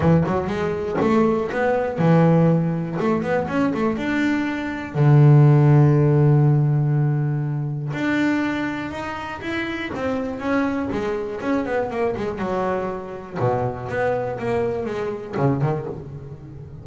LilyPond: \new Staff \with { instrumentName = "double bass" } { \time 4/4 \tempo 4 = 121 e8 fis8 gis4 a4 b4 | e2 a8 b8 cis'8 a8 | d'2 d2~ | d1 |
d'2 dis'4 e'4 | c'4 cis'4 gis4 cis'8 b8 | ais8 gis8 fis2 b,4 | b4 ais4 gis4 cis8 dis8 | }